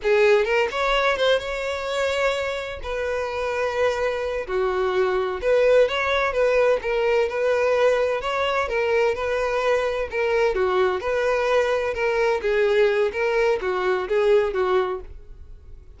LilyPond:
\new Staff \with { instrumentName = "violin" } { \time 4/4 \tempo 4 = 128 gis'4 ais'8 cis''4 c''8 cis''4~ | cis''2 b'2~ | b'4. fis'2 b'8~ | b'8 cis''4 b'4 ais'4 b'8~ |
b'4. cis''4 ais'4 b'8~ | b'4. ais'4 fis'4 b'8~ | b'4. ais'4 gis'4. | ais'4 fis'4 gis'4 fis'4 | }